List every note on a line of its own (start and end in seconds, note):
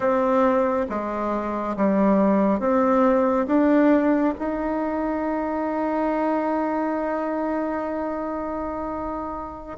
0.00 0.86 C4
0.89 1.76 G#3
1.76 2.59 G3
2.59 3.46 C4
3.47 4.34 D4
4.38 9.78 D#4